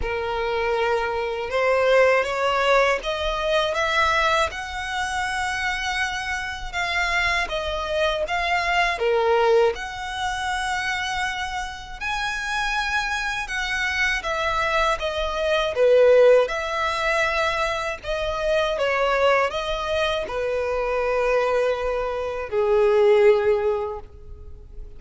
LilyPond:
\new Staff \with { instrumentName = "violin" } { \time 4/4 \tempo 4 = 80 ais'2 c''4 cis''4 | dis''4 e''4 fis''2~ | fis''4 f''4 dis''4 f''4 | ais'4 fis''2. |
gis''2 fis''4 e''4 | dis''4 b'4 e''2 | dis''4 cis''4 dis''4 b'4~ | b'2 gis'2 | }